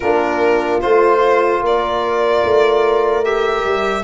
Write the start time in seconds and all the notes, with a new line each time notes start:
0.00 A#3 D4 F4 A#4
0.81 A3 F4 C5
1.61 A#3 A#4 D5
2.44 A3
3.24 G4 E5
3.64 G3